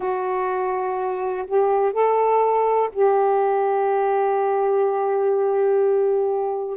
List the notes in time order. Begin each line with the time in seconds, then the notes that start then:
0.00 F#4
1.46 G4
1.93 A4
2.92 G4